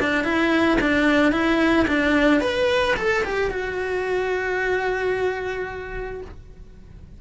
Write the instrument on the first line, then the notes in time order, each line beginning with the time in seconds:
cello
0.00 D4
0.24 E4
0.81 D4
1.32 E4
1.88 D4
2.41 B4
2.97 A4
3.24 G4
3.51 F#4